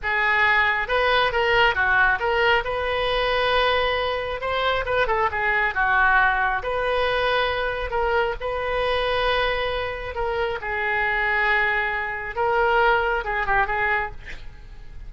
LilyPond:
\new Staff \with { instrumentName = "oboe" } { \time 4/4 \tempo 4 = 136 gis'2 b'4 ais'4 | fis'4 ais'4 b'2~ | b'2 c''4 b'8 a'8 | gis'4 fis'2 b'4~ |
b'2 ais'4 b'4~ | b'2. ais'4 | gis'1 | ais'2 gis'8 g'8 gis'4 | }